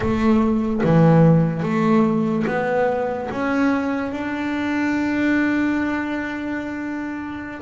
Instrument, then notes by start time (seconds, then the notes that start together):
double bass
0.00 A3
0.83 E3
1.63 A3
2.47 B3
3.30 C#4
4.12 D4